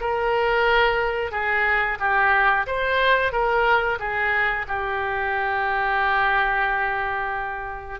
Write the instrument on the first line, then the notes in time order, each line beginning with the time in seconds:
oboe
0.00 A#4
1.31 G#4
1.99 G4
2.66 C5
3.32 A#4
3.99 G#4
4.67 G4